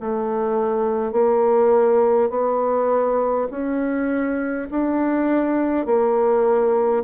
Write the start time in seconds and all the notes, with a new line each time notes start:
0.00 A3
1.12 A#3
2.30 B3
3.51 C#4
4.71 D4
5.86 A#3